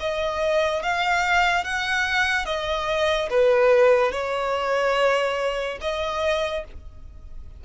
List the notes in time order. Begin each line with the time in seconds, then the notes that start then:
0.00 D#5
0.83 F5
1.64 F#5
2.46 D#5
3.30 B4
4.12 C#5
5.81 D#5